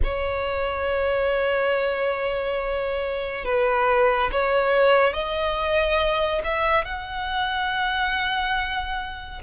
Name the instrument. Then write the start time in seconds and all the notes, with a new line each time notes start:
violin
0.03 C#5
3.44 B4
4.31 C#5
5.13 D#5
6.44 E5
6.85 F#5